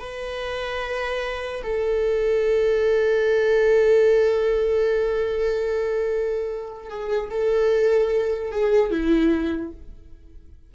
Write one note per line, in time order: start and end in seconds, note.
0.00 1.62 B4
1.63 6.89 A4
6.89 7.30 G#4
7.30 8.51 A4
8.52 8.91 G#4
8.91 9.72 E4